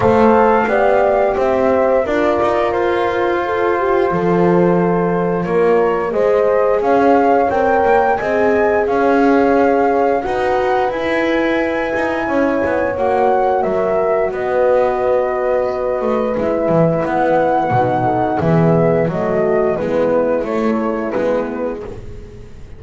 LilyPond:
<<
  \new Staff \with { instrumentName = "flute" } { \time 4/4 \tempo 4 = 88 f''2 e''4 d''4 | c''1 | cis''4 dis''4 f''4 g''4 | gis''4 f''2 fis''4 |
gis''2. fis''4 | e''4 dis''2. | e''4 fis''2 e''4 | dis''4 b'4 cis''4 b'4 | }
  \new Staff \with { instrumentName = "horn" } { \time 4/4 c''4 d''4 c''4 ais'4~ | ais'4 a'8 g'8 a'2 | ais'4 c''4 cis''2 | dis''4 cis''2 b'4~ |
b'2 cis''2 | ais'4 b'2.~ | b'2~ b'8 a'8 gis'4 | fis'4 e'2. | }
  \new Staff \with { instrumentName = "horn" } { \time 4/4 a'4 g'2 f'4~ | f'1~ | f'4 gis'2 ais'4 | gis'2. fis'4 |
e'2. fis'4~ | fis'1 | e'2 dis'4 b4 | a4 b4 a4 b4 | }
  \new Staff \with { instrumentName = "double bass" } { \time 4/4 a4 b4 c'4 d'8 dis'8 | f'2 f2 | ais4 gis4 cis'4 c'8 ais8 | c'4 cis'2 dis'4 |
e'4. dis'8 cis'8 b8 ais4 | fis4 b2~ b8 a8 | gis8 e8 b4 b,4 e4 | fis4 gis4 a4 gis4 | }
>>